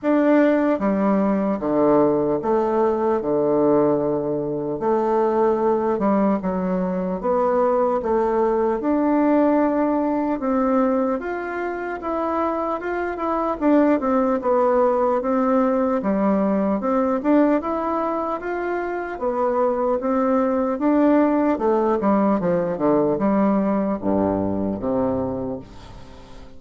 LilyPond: \new Staff \with { instrumentName = "bassoon" } { \time 4/4 \tempo 4 = 75 d'4 g4 d4 a4 | d2 a4. g8 | fis4 b4 a4 d'4~ | d'4 c'4 f'4 e'4 |
f'8 e'8 d'8 c'8 b4 c'4 | g4 c'8 d'8 e'4 f'4 | b4 c'4 d'4 a8 g8 | f8 d8 g4 g,4 c4 | }